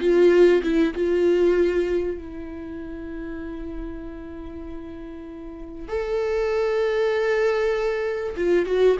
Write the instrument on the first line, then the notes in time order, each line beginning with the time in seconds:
viola
0.00 F4
0.63 E4
0.94 F4
2.18 E4
5.88 A4
8.36 F4
8.66 F#4